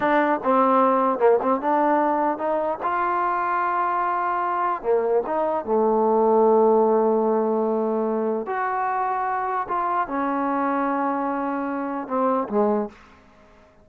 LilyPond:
\new Staff \with { instrumentName = "trombone" } { \time 4/4 \tempo 4 = 149 d'4 c'2 ais8 c'8 | d'2 dis'4 f'4~ | f'1 | ais4 dis'4 a2~ |
a1~ | a4 fis'2. | f'4 cis'2.~ | cis'2 c'4 gis4 | }